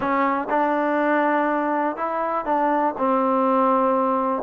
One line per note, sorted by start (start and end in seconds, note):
0.00 0.48 C#4
0.49 1.96 D4
1.96 2.45 E4
2.45 2.94 D4
2.98 4.42 C4